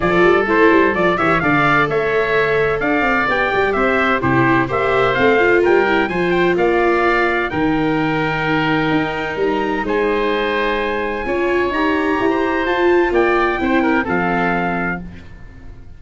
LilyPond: <<
  \new Staff \with { instrumentName = "trumpet" } { \time 4/4 \tempo 4 = 128 d''4 c''4 d''8 e''8 f''4 | e''2 f''4 g''4 | e''4 c''4 e''4 f''4 | g''4 gis''8 g''8 f''2 |
g''1 | ais''4 gis''2.~ | gis''4 ais''2 a''4 | g''2 f''2 | }
  \new Staff \with { instrumentName = "oboe" } { \time 4/4 a'2~ a'8 cis''8 d''4 | cis''2 d''2 | c''4 g'4 c''2 | ais'4 c''4 d''2 |
ais'1~ | ais'4 c''2. | cis''2~ cis''16 c''4.~ c''16 | d''4 c''8 ais'8 a'2 | }
  \new Staff \with { instrumentName = "viola" } { \time 4/4 f'4 e'4 f'8 g'8 a'4~ | a'2. g'4~ | g'4 e'4 g'4 c'8 f'8~ | f'8 e'8 f'2. |
dis'1~ | dis'1 | f'4 g'2 f'4~ | f'4 e'4 c'2 | }
  \new Staff \with { instrumentName = "tuba" } { \time 4/4 f8 g8 a8 g8 f8 e8 d4 | a2 d'8 c'8 b8 g8 | c'4 c4 ais4 a4 | g4 f4 ais2 |
dis2. dis'4 | g4 gis2. | cis'4 dis'4 e'4 f'4 | ais4 c'4 f2 | }
>>